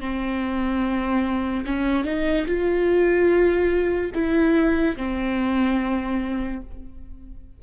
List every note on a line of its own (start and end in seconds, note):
0.00 1.64 C4
1.66 2.05 C#4
2.05 2.46 D#4
2.46 4.11 F4
4.14 4.96 E4
4.97 6.61 C4